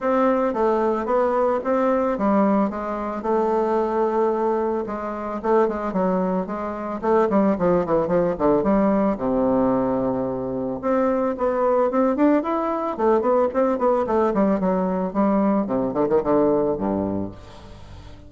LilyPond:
\new Staff \with { instrumentName = "bassoon" } { \time 4/4 \tempo 4 = 111 c'4 a4 b4 c'4 | g4 gis4 a2~ | a4 gis4 a8 gis8 fis4 | gis4 a8 g8 f8 e8 f8 d8 |
g4 c2. | c'4 b4 c'8 d'8 e'4 | a8 b8 c'8 b8 a8 g8 fis4 | g4 c8 d16 dis16 d4 g,4 | }